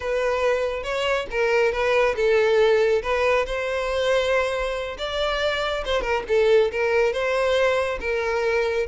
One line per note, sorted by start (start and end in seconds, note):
0.00 0.83 B4
0.83 1.26 C#5
1.31 1.72 A#4
1.72 2.15 B4
2.15 3.01 A4
3.02 3.45 B4
3.46 4.97 C5
4.98 5.84 D5
5.85 6.01 C5
6.01 6.23 A#4
6.28 6.71 A4
6.71 7.12 A#4
7.12 7.99 C5
8.00 8.86 A#4